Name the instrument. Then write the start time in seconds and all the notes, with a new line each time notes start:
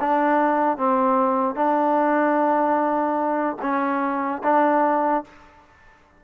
trombone
0.00 D4
0.77 C4
1.55 D4
3.61 C#4
4.43 D4